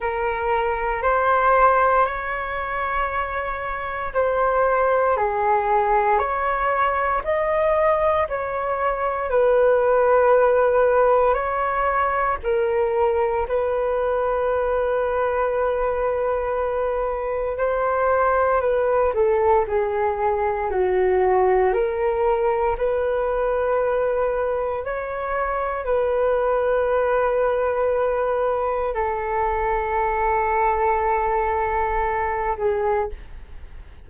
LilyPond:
\new Staff \with { instrumentName = "flute" } { \time 4/4 \tempo 4 = 58 ais'4 c''4 cis''2 | c''4 gis'4 cis''4 dis''4 | cis''4 b'2 cis''4 | ais'4 b'2.~ |
b'4 c''4 b'8 a'8 gis'4 | fis'4 ais'4 b'2 | cis''4 b'2. | a'2.~ a'8 gis'8 | }